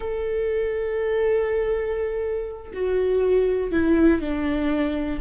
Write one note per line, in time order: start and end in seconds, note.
0.00 2.72 A4
2.73 3.71 F#4
3.71 4.20 E4
4.20 5.19 D4